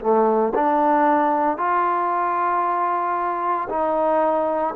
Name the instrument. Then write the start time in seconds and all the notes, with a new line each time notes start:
trombone
0.00 A3
0.55 D4
1.57 F4
3.69 D#4